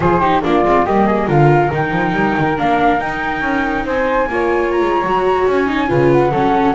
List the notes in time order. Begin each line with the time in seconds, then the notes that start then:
0.00 F3 F4 G#4 C5
0.20 D#4 G4
0.42 A#3 D4 F4 D5
0.64 G#3 C4
0.85 G3 A#3 G4 D#5
1.06 G#4
1.27 D3 F4 A#4 F5
1.70 D#3 D#4 G5
1.91 F3
2.12 G3
2.37 D#3
2.56 A#3 D4 F5
2.98 D#4 G5
3.41 C#4
3.85 C4 C5 G#5
4.28 A#3 F4 C#5
4.71 A#5
4.81 G#3
5.03 F#3 F#4
5.47 C#4 G#5
5.66 D#4
5.87 C#3 F4 B4
6.11 F#5
6.31 F#3 C#4 A4